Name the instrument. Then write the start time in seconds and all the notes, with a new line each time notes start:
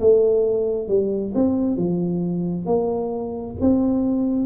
tuba
0.00 A3
0.88 G3
1.34 C4
1.76 F3
2.65 A#3
3.60 C4